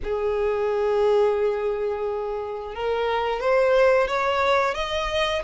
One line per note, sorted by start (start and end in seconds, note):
0.03 2.74 G#4
2.74 3.40 A#4
3.40 4.07 C5
4.07 4.74 C#5
4.74 5.42 D#5